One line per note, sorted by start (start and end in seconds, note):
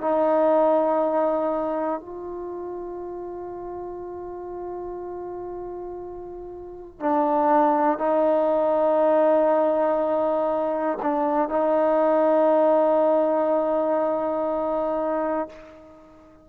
0.00 2.00 D#4
2.00 6.99 F4
6.99 7.98 D4
7.98 10.98 D#4
11.02 11.49 D4
11.49 15.49 D#4